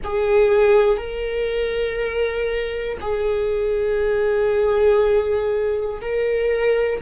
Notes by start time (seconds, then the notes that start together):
0.04 G#4
0.97 A#4
3.00 G#4
6.01 A#4